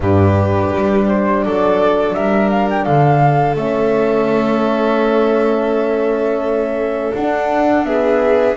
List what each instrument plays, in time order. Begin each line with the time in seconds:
0.00 double bass G2, horn D4, violin G4, flute B4
0.74 double bass G3
1.08 flute C5
1.44 double bass F#3, violin A4, flute D5
2.13 double bass G3, violin A#4, flute E5
2.50 flute F5
2.69 flute G5
2.84 double bass D3, violin A4, flute F5
3.55 double bass A3, horn C#4, flute E5
7.14 double bass D4, horn D4, flute F#5
7.84 horn B3, violin G#4, flute E5